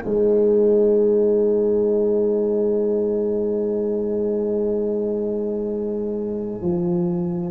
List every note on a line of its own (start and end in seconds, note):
0.00 6.62 G#3
0.00 7.50 D#4
0.00 7.52 C5
0.00 7.52 G#5
6.62 7.52 F3